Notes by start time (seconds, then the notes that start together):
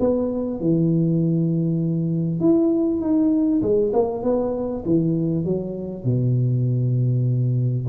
0.00 B3
0.60 E3
2.40 E4
3.01 D#4
3.62 G#3
3.93 A#3
4.23 B3
4.85 E3
5.45 F#3
6.04 B2